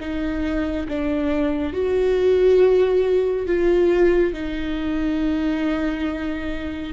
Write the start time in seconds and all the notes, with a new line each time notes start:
0.00 D#4
0.88 D4
1.73 F#4
3.46 F4
4.33 D#4